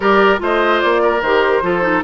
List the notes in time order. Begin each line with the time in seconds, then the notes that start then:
0.00 G3 G4 A#4 D5
0.38 A3 F4 C5 D#5
0.80 A#3 D5
1.02 A#4
1.21 D#3 G4 C5
1.62 F3 F4 A4
1.82 D#4